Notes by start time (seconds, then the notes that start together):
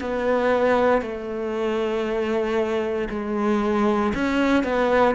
0.00 B3
1.02 A3
3.09 G#3
4.14 C#4
4.64 B3